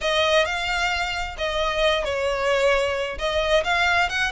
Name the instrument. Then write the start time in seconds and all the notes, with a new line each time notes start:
violin
0.01 D#5
0.45 F5
1.38 D#5
2.04 C#5
3.18 D#5
3.64 F5
4.09 F#5